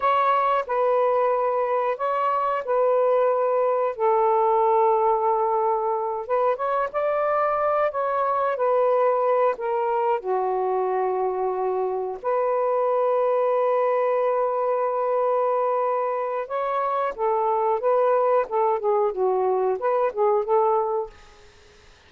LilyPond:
\new Staff \with { instrumentName = "saxophone" } { \time 4/4 \tempo 4 = 91 cis''4 b'2 cis''4 | b'2 a'2~ | a'4. b'8 cis''8 d''4. | cis''4 b'4. ais'4 fis'8~ |
fis'2~ fis'8 b'4.~ | b'1~ | b'4 cis''4 a'4 b'4 | a'8 gis'8 fis'4 b'8 gis'8 a'4 | }